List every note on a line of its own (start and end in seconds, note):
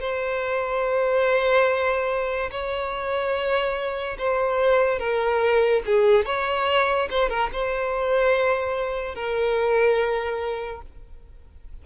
0.00 2.50 C5
2.50 4.17 C#5
4.18 4.98 C5
4.98 5.82 A#4
5.86 6.25 G#4
6.25 7.08 C#5
7.10 7.29 C5
7.29 7.50 A#4
7.52 9.15 C5
9.15 10.81 A#4